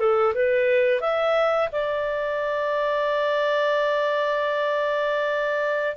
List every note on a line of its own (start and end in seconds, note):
0.00 0.34 A4
0.35 1.01 B4
1.01 1.69 E5
1.72 5.97 D5